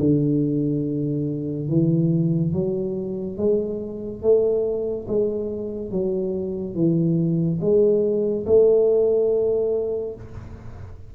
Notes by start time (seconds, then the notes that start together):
0.00 D3
1.69 E3
2.53 F#3
3.38 G#3
4.22 A3
5.08 G#3
5.91 F#3
6.75 E3
7.61 G#3
8.46 A3